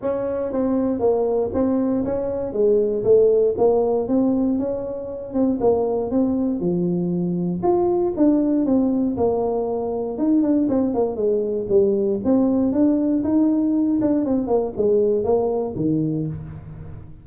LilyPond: \new Staff \with { instrumentName = "tuba" } { \time 4/4 \tempo 4 = 118 cis'4 c'4 ais4 c'4 | cis'4 gis4 a4 ais4 | c'4 cis'4. c'8 ais4 | c'4 f2 f'4 |
d'4 c'4 ais2 | dis'8 d'8 c'8 ais8 gis4 g4 | c'4 d'4 dis'4. d'8 | c'8 ais8 gis4 ais4 dis4 | }